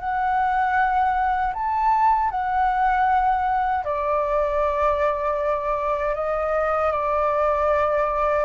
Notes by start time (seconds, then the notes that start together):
0.00 F#5
1.54 A5
2.31 F#5
3.85 D5
6.15 D#5
6.92 D5